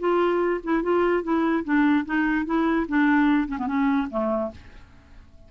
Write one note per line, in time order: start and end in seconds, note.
0.00 0.61 F4
0.64 0.83 E4
0.83 1.24 F4
1.24 1.64 E4
1.65 2.06 D4
2.06 2.46 D#4
2.46 2.87 E4
2.89 3.48 D4
3.48 3.58 C#4
3.59 3.67 B3
3.67 4.08 C#4
4.11 4.52 A3